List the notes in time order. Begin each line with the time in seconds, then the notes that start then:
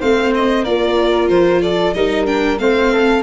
0.00 A3 C4 C5 F5
0.35 D#5
0.64 A#3 F4 A#4 D5
1.29 F3 C5
1.62 A4 D5
1.94 G3 D#4 A#4 D#5
2.26 D4 G5
2.59 A3 C4 C5 F5
2.93 A4